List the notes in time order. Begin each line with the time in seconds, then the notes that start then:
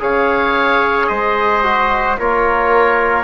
0.00 C#3 G#4 C#5 F5
1.07 G#3 C5 D#5
1.64 F#4
2.19 A#3 F4 A#4 C#5